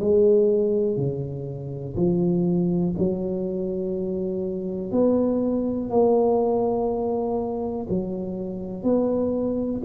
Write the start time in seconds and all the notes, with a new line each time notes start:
0.00 G#3
0.97 C#3
1.96 F3
2.98 F#3
4.91 B3
5.90 A#3
7.89 F#3
8.83 B3